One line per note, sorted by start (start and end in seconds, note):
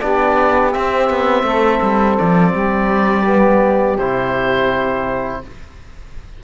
0.00 0.75 B3
0.00 0.72 D4
0.00 1.44 G4
0.00 0.72 D5
0.72 3.26 C4
0.72 1.10 C4
0.72 2.17 E5
1.10 1.43 B3
1.43 1.79 A3
1.43 2.52 A4
1.83 2.19 G3
2.18 2.54 F3
2.18 3.98 D5
2.53 3.97 G3
2.53 5.43 G4
3.26 3.98 B3
3.97 5.42 C3
3.97 5.44 E4
3.97 5.43 C5